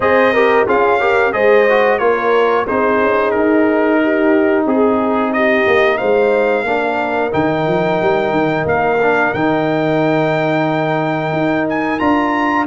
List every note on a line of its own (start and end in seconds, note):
0.00 0.65 C4
0.00 0.34 G#4
0.00 0.33 C5
0.00 0.67 D#5
0.33 0.67 G4
0.33 0.65 A#4
0.65 1.33 C#4
0.65 1.00 F4
0.65 0.99 G#4
0.65 1.32 F5
1.00 1.32 G4
1.00 1.33 A#4
1.32 1.99 G#3
1.32 1.66 G#4
1.32 2.00 C5
1.32 1.98 D#5
1.69 1.99 F#4
1.98 2.66 A#3
1.98 2.66 F4
1.98 2.66 A#4
1.98 2.65 C#5
2.66 3.01 C4
2.66 6.66 D#4
2.66 3.99 G#4
2.66 3.30 C5
3.01 3.34 C#4
3.30 4.65 D#4
3.30 4.64 A#4
4.02 4.65 G4
4.65 5.65 C4
4.65 5.31 G#4
4.65 5.32 G#4
5.32 5.98 G4
5.32 5.97 D#5
5.67 6.00 A#3
5.97 6.63 G#3
5.97 6.64 C5
5.97 7.31 F5
6.63 7.30 A#3
6.63 7.31 D4
6.63 12.66 A#4
7.31 7.67 D#3
7.31 8.98 D#4
7.31 8.66 G5
7.67 8.00 F3
8.01 8.31 G3
8.31 8.64 D#3
8.65 9.32 A#3
8.65 9.33 F5
9.01 9.35 D4
9.33 11.32 D#3
9.33 11.99 D#4
9.33 11.67 G5
11.32 11.98 D#4
11.69 11.99 G#5
11.99 12.66 D4
11.99 12.66 F4
11.99 12.65 A#5